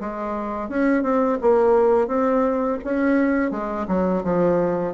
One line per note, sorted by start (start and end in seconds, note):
0.00 0.69 G#3
0.69 1.03 C#4
1.03 1.38 C4
1.41 2.07 A#3
2.07 2.78 C4
2.84 3.51 C#4
3.51 3.86 G#3
3.87 4.23 F#3
4.23 4.93 F3